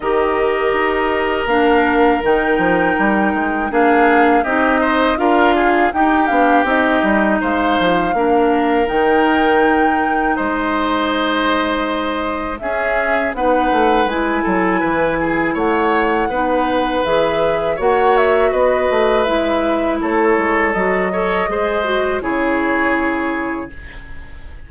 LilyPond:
<<
  \new Staff \with { instrumentName = "flute" } { \time 4/4 \tempo 4 = 81 dis''2 f''4 g''4~ | g''4 f''4 dis''4 f''4 | g''8 f''8 dis''4 f''2 | g''2 dis''2~ |
dis''4 e''4 fis''4 gis''4~ | gis''4 fis''2 e''4 | fis''8 e''8 dis''4 e''4 cis''4 | dis''2 cis''2 | }
  \new Staff \with { instrumentName = "oboe" } { \time 4/4 ais'1~ | ais'4 gis'4 g'8 c''8 ais'8 gis'8 | g'2 c''4 ais'4~ | ais'2 c''2~ |
c''4 gis'4 b'4. a'8 | b'8 gis'8 cis''4 b'2 | cis''4 b'2 a'4~ | a'8 cis''8 c''4 gis'2 | }
  \new Staff \with { instrumentName = "clarinet" } { \time 4/4 g'2 d'4 dis'4~ | dis'4 d'4 dis'4 f'4 | dis'8 d'8 dis'2 d'4 | dis'1~ |
dis'4 cis'4 dis'4 e'4~ | e'2 dis'4 gis'4 | fis'2 e'2 | fis'8 a'8 gis'8 fis'8 e'2 | }
  \new Staff \with { instrumentName = "bassoon" } { \time 4/4 dis4 dis'4 ais4 dis8 f8 | g8 gis8 ais4 c'4 d'4 | dis'8 b8 c'8 g8 gis8 f8 ais4 | dis2 gis2~ |
gis4 cis'4 b8 a8 gis8 fis8 | e4 a4 b4 e4 | ais4 b8 a8 gis4 a8 gis8 | fis4 gis4 cis2 | }
>>